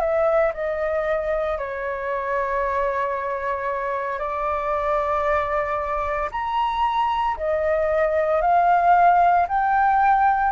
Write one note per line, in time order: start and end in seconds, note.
0.00 0.53 E5
0.54 1.58 D#5
1.58 4.19 C#5
4.19 6.30 D5
6.32 7.37 A#5
7.37 8.42 D#5
8.42 9.47 F5
9.48 10.52 G5